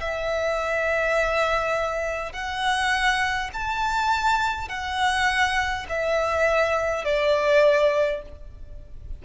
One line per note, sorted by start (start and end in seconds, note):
0.00 2.33 E5
2.33 3.50 F#5
3.53 4.68 A5
4.68 5.86 F#5
5.89 7.04 E5
7.04 8.22 D5